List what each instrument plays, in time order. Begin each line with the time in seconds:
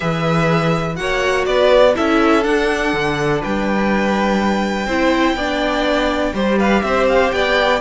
0.00 cello E3, viola G#4, violin B4 E5
0.95 cello A#3, viola F#4, violin C#5 F#5
1.45 cello B3, violin B4 D5
1.95 cello C#4, viola E4, violin A4 E5
2.42 viola D4, cello D4, violin F#5
2.93 cello D3
3.40 cello G3, violin B4 G5
4.86 cello C4, viola E4, violin C5
5.34 cello B3, viola D4, violin D5
6.33 cello G3, viola G4, violin C5
6.58 violin B4 F5
6.82 cello C4, violin C5 E5
7.08 violin F5
7.31 cello B3, violin D5 G5